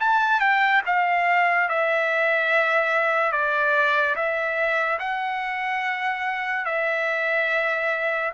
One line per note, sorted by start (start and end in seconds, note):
0.00 0.40 A5
0.40 0.82 G5
0.86 1.69 F5
1.69 3.32 E5
3.32 4.16 D5
4.16 4.99 E5
4.99 6.66 F#5
6.66 8.32 E5